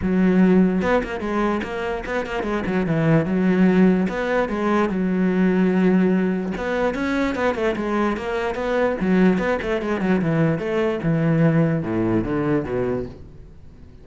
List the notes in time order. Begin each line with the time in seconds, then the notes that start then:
0.02 F#3
0.82 B3
1.03 A#3
1.20 G#3
1.63 A#3
2.05 B3
2.26 A#3
2.43 G#3
2.66 F#3
2.86 E3
3.25 F#3
4.08 B3
4.48 G#3
4.89 F#3
6.57 B3
6.94 C#4
7.35 B3
7.55 A3
7.76 G#3
8.16 A#3
8.55 B3
9.00 F#3
9.38 B3
9.62 A3
9.81 G#3
10.00 F#3
10.21 E3
10.58 A3
11.03 E3
11.83 A2
12.23 D3
12.64 B2